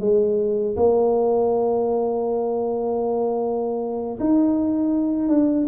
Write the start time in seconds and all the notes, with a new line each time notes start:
0.00 G#3
0.77 A#3
4.20 D#4
5.29 D4